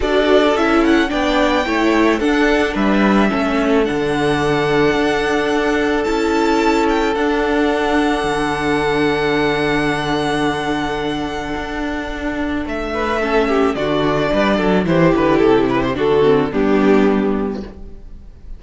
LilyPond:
<<
  \new Staff \with { instrumentName = "violin" } { \time 4/4 \tempo 4 = 109 d''4 e''8 fis''8 g''2 | fis''4 e''2 fis''4~ | fis''2. a''4~ | a''8 g''8 fis''2.~ |
fis''1~ | fis''2. e''4~ | e''4 d''2 c''8 b'8 | a'8 b'16 c''16 a'4 g'2 | }
  \new Staff \with { instrumentName = "violin" } { \time 4/4 a'2 d''4 cis''4 | a'4 b'4 a'2~ | a'1~ | a'1~ |
a'1~ | a'2.~ a'8 b'8 | a'8 g'8 fis'4 b'8 a'8 g'4~ | g'4 fis'4 d'2 | }
  \new Staff \with { instrumentName = "viola" } { \time 4/4 fis'4 e'4 d'4 e'4 | d'2 cis'4 d'4~ | d'2. e'4~ | e'4 d'2.~ |
d'1~ | d'1 | cis'4 d'2 e'4~ | e'4 d'8 c'8 b2 | }
  \new Staff \with { instrumentName = "cello" } { \time 4/4 d'4 cis'4 b4 a4 | d'4 g4 a4 d4~ | d4 d'2 cis'4~ | cis'4 d'2 d4~ |
d1~ | d4 d'2 a4~ | a4 d4 g8 fis8 e8 d8 | c4 d4 g2 | }
>>